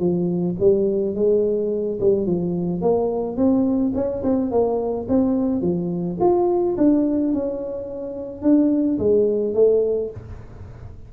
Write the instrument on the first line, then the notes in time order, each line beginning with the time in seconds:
tuba
0.00 F3
0.60 G3
1.15 G#3
2.01 G3
2.27 F3
2.82 A#3
3.37 C4
3.95 C#4
4.24 C4
4.51 A#3
5.09 C4
5.62 F3
6.21 F4
6.78 D4
7.34 C#4
8.42 D4
8.99 G#3
9.55 A3